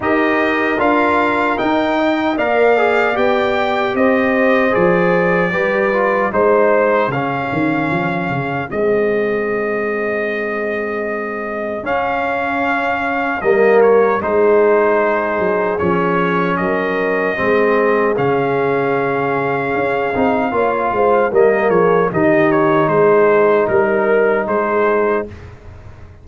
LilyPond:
<<
  \new Staff \with { instrumentName = "trumpet" } { \time 4/4 \tempo 4 = 76 dis''4 f''4 g''4 f''4 | g''4 dis''4 d''2 | c''4 f''2 dis''4~ | dis''2. f''4~ |
f''4 dis''8 cis''8 c''2 | cis''4 dis''2 f''4~ | f''2. dis''8 cis''8 | dis''8 cis''8 c''4 ais'4 c''4 | }
  \new Staff \with { instrumentName = "horn" } { \time 4/4 ais'2~ ais'8 dis''8 d''4~ | d''4 c''2 b'4 | c''4 gis'2.~ | gis'1~ |
gis'4 ais'4 gis'2~ | gis'4 ais'4 gis'2~ | gis'2 cis''8 c''8 ais'8 gis'8 | g'4 gis'4 ais'4 gis'4 | }
  \new Staff \with { instrumentName = "trombone" } { \time 4/4 g'4 f'4 dis'4 ais'8 gis'8 | g'2 gis'4 g'8 f'8 | dis'4 cis'2 c'4~ | c'2. cis'4~ |
cis'4 ais4 dis'2 | cis'2 c'4 cis'4~ | cis'4. dis'8 f'4 ais4 | dis'1 | }
  \new Staff \with { instrumentName = "tuba" } { \time 4/4 dis'4 d'4 dis'4 ais4 | b4 c'4 f4 g4 | gis4 cis8 dis8 f8 cis8 gis4~ | gis2. cis'4~ |
cis'4 g4 gis4. fis8 | f4 fis4 gis4 cis4~ | cis4 cis'8 c'8 ais8 gis8 g8 f8 | dis4 gis4 g4 gis4 | }
>>